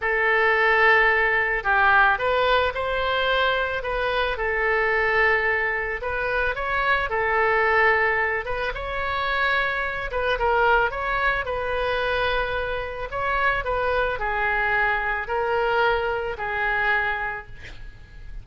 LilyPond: \new Staff \with { instrumentName = "oboe" } { \time 4/4 \tempo 4 = 110 a'2. g'4 | b'4 c''2 b'4 | a'2. b'4 | cis''4 a'2~ a'8 b'8 |
cis''2~ cis''8 b'8 ais'4 | cis''4 b'2. | cis''4 b'4 gis'2 | ais'2 gis'2 | }